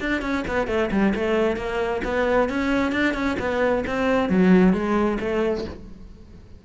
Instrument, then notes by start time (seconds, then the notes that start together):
cello
0.00 D4
0.22 C#4
0.47 B3
0.67 A3
0.91 G3
1.15 A3
1.56 A#3
2.04 B3
2.49 C#4
2.92 D4
3.14 C#4
3.39 B3
3.87 C4
4.29 F#3
4.73 G#3
5.20 A3